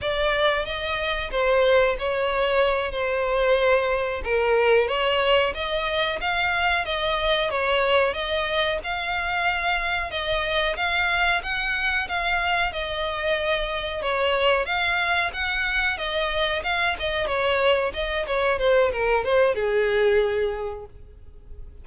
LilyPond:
\new Staff \with { instrumentName = "violin" } { \time 4/4 \tempo 4 = 92 d''4 dis''4 c''4 cis''4~ | cis''8 c''2 ais'4 cis''8~ | cis''8 dis''4 f''4 dis''4 cis''8~ | cis''8 dis''4 f''2 dis''8~ |
dis''8 f''4 fis''4 f''4 dis''8~ | dis''4. cis''4 f''4 fis''8~ | fis''8 dis''4 f''8 dis''8 cis''4 dis''8 | cis''8 c''8 ais'8 c''8 gis'2 | }